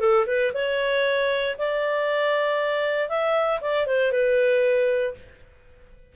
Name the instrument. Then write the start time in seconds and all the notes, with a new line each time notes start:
clarinet
0.00 A4
0.27 B4
0.54 C#5
1.58 D5
3.09 E5
3.61 D5
3.87 C5
4.12 B4